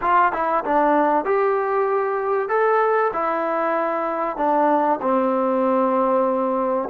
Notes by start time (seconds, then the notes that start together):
0.01 F4
0.32 E4
0.64 D4
1.24 G4
2.49 A4
3.13 E4
4.37 D4
5.01 C4